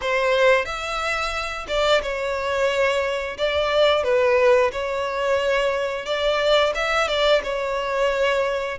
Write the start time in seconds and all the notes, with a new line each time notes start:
0.01 C5
0.65 E5
1.67 D5
2.02 C#5
3.37 D5
4.03 B4
4.72 C#5
6.05 D5
6.74 E5
7.08 D5
7.43 C#5